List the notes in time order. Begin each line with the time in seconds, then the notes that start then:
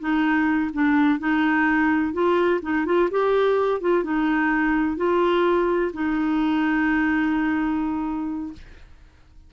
0.00 D#4
0.73 D4
1.19 D#4
2.13 F4
2.62 D#4
2.85 F4
3.11 G4
3.81 F4
4.03 D#4
4.97 F4
5.93 D#4